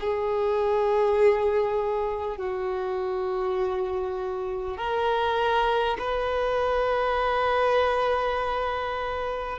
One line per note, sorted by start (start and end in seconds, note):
0.00 2.37 G#4
2.37 4.77 F#4
4.77 5.97 A#4
5.99 9.59 B4